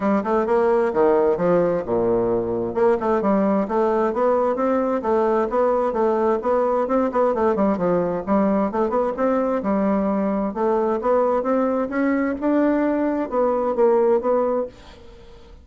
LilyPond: \new Staff \with { instrumentName = "bassoon" } { \time 4/4 \tempo 4 = 131 g8 a8 ais4 dis4 f4 | ais,2 ais8 a8 g4 | a4 b4 c'4 a4 | b4 a4 b4 c'8 b8 |
a8 g8 f4 g4 a8 b8 | c'4 g2 a4 | b4 c'4 cis'4 d'4~ | d'4 b4 ais4 b4 | }